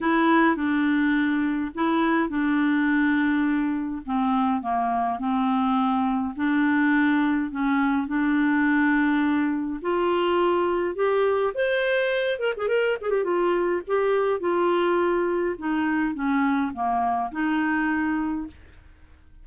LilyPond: \new Staff \with { instrumentName = "clarinet" } { \time 4/4 \tempo 4 = 104 e'4 d'2 e'4 | d'2. c'4 | ais4 c'2 d'4~ | d'4 cis'4 d'2~ |
d'4 f'2 g'4 | c''4. ais'16 gis'16 ais'8 gis'16 g'16 f'4 | g'4 f'2 dis'4 | cis'4 ais4 dis'2 | }